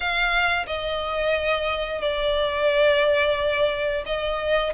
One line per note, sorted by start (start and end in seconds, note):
0.00 0.66 F5
0.66 2.01 D#5
2.01 4.04 D5
4.05 4.73 D#5